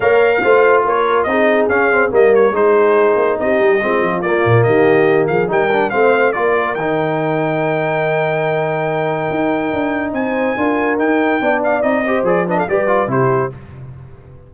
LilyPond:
<<
  \new Staff \with { instrumentName = "trumpet" } { \time 4/4 \tempo 4 = 142 f''2 cis''4 dis''4 | f''4 dis''8 cis''8 c''2 | dis''2 d''4 dis''4~ | dis''8 f''8 g''4 f''4 d''4 |
g''1~ | g''1 | gis''2 g''4. f''8 | dis''4 d''8 dis''16 f''16 d''4 c''4 | }
  \new Staff \with { instrumentName = "horn" } { \time 4/4 cis''4 c''4 ais'4 gis'4~ | gis'4 ais'4 gis'2 | g'4 f'2 g'4~ | g'8 gis'8 ais'4 c''4 ais'4~ |
ais'1~ | ais'1 | c''4 ais'2 d''4~ | d''8 c''4 b'16 a'16 b'4 g'4 | }
  \new Staff \with { instrumentName = "trombone" } { \time 4/4 ais'4 f'2 dis'4 | cis'8 c'8 ais4 dis'2~ | dis'4 c'4 ais2~ | ais4 dis'8 d'8 c'4 f'4 |
dis'1~ | dis'1~ | dis'4 f'4 dis'4 d'4 | dis'8 g'8 gis'8 d'8 g'8 f'8 e'4 | }
  \new Staff \with { instrumentName = "tuba" } { \time 4/4 ais4 a4 ais4 c'4 | cis'4 g4 gis4. ais8 | c'8 g8 gis8 f8 ais8 ais,8 dis4~ | dis8 f8 g4 a4 ais4 |
dis1~ | dis2 dis'4 d'4 | c'4 d'4 dis'4 b4 | c'4 f4 g4 c4 | }
>>